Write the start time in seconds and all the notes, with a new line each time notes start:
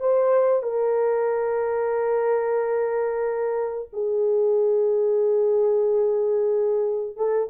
0.00 C5
0.63 A#4
3.93 G#4
7.16 A4